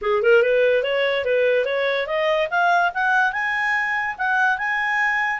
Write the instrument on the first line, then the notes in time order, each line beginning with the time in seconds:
clarinet
0.01 G#4
0.22 A#4
0.42 B4
0.83 C#5
1.24 B4
1.65 C#5
2.06 D#5
2.50 F5
2.94 F#5
3.32 G#5
4.17 F#5
4.58 G#5